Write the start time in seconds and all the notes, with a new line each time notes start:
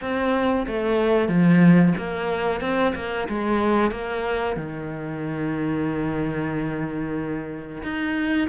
0.01 C4
0.67 A3
1.28 F3
1.97 A#3
2.61 C4
2.95 A#3
3.28 G#3
3.91 A#3
4.56 D#3
7.83 D#4